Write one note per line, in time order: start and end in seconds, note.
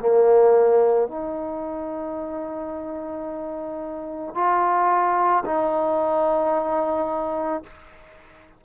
0.00 1.09 A#3
1.09 4.35 D#4
4.35 5.44 F4
5.45 7.64 D#4